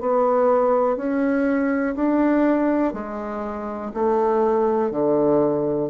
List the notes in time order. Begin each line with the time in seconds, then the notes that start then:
0.00 B3
0.97 C#4
1.95 D4
2.93 G#3
3.93 A3
4.91 D3